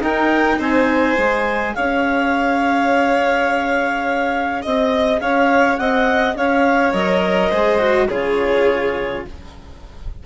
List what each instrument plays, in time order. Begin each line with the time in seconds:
0.00 bassoon D#4, cello D#4, violin A#4, clarinet G5
0.58 bassoon C4, violin C5, clarinet G#5
1.16 bassoon G#3, cello G#4
1.75 bassoon C#4, violin C#5, clarinet F5
4.62 bassoon C4, violin D#5, clarinet D#5
5.20 bassoon C#4, violin C#5, clarinet F5
5.77 bassoon C4, violin D#5, clarinet F#5
6.35 bassoon C#4, violin C#5, clarinet F5
6.93 bassoon F#3, cello A#4, clarinet D#5
7.50 bassoon G#3, cello G#4, violin C5
7.79 cello F#4
8.08 bassoon C#3, cello F4, violin G#4, clarinet C#5